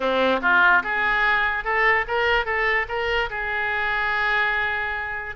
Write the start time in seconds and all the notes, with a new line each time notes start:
0.00 C4
0.41 F4
0.83 G#4
1.64 A4
2.07 A#4
2.45 A4
2.88 A#4
3.30 G#4